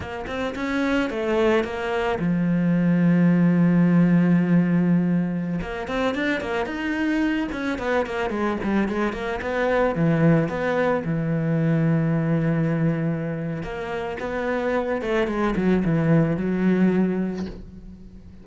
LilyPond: \new Staff \with { instrumentName = "cello" } { \time 4/4 \tempo 4 = 110 ais8 c'8 cis'4 a4 ais4 | f1~ | f2~ f16 ais8 c'8 d'8 ais16~ | ais16 dis'4. cis'8 b8 ais8 gis8 g16~ |
g16 gis8 ais8 b4 e4 b8.~ | b16 e2.~ e8.~ | e4 ais4 b4. a8 | gis8 fis8 e4 fis2 | }